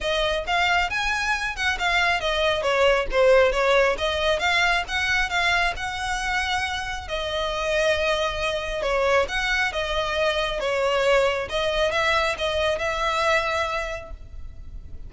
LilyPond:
\new Staff \with { instrumentName = "violin" } { \time 4/4 \tempo 4 = 136 dis''4 f''4 gis''4. fis''8 | f''4 dis''4 cis''4 c''4 | cis''4 dis''4 f''4 fis''4 | f''4 fis''2. |
dis''1 | cis''4 fis''4 dis''2 | cis''2 dis''4 e''4 | dis''4 e''2. | }